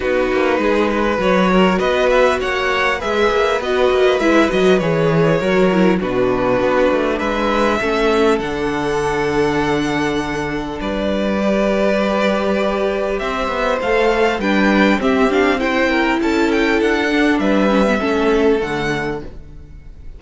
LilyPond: <<
  \new Staff \with { instrumentName = "violin" } { \time 4/4 \tempo 4 = 100 b'2 cis''4 dis''8 e''8 | fis''4 e''4 dis''4 e''8 dis''8 | cis''2 b'2 | e''2 fis''2~ |
fis''2 d''2~ | d''2 e''4 f''4 | g''4 e''8 f''8 g''4 a''8 g''8 | fis''4 e''2 fis''4 | }
  \new Staff \with { instrumentName = "violin" } { \time 4/4 fis'4 gis'8 b'4 ais'8 b'4 | cis''4 b'2.~ | b'4 ais'4 fis'2 | b'4 a'2.~ |
a'2 b'2~ | b'2 c''2 | b'4 g'4 c''8 ais'8 a'4~ | a'4 b'4 a'2 | }
  \new Staff \with { instrumentName = "viola" } { \time 4/4 dis'2 fis'2~ | fis'4 gis'4 fis'4 e'8 fis'8 | gis'4 fis'8 e'8 d'2~ | d'4 cis'4 d'2~ |
d'2. g'4~ | g'2. a'4 | d'4 c'8 d'8 e'2~ | e'8 d'4 cis'16 b16 cis'4 a4 | }
  \new Staff \with { instrumentName = "cello" } { \time 4/4 b8 ais8 gis4 fis4 b4 | ais4 gis8 ais8 b8 ais8 gis8 fis8 | e4 fis4 b,4 b8 a8 | gis4 a4 d2~ |
d2 g2~ | g2 c'8 b8 a4 | g4 c'2 cis'4 | d'4 g4 a4 d4 | }
>>